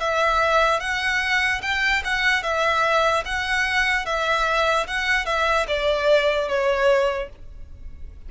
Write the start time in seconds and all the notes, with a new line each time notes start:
0.00 E5
0.80 F#5
1.62 G5
2.04 F#5
2.43 E5
3.25 F#5
4.06 E5
4.87 F#5
5.26 E5
5.68 D5
6.48 C#5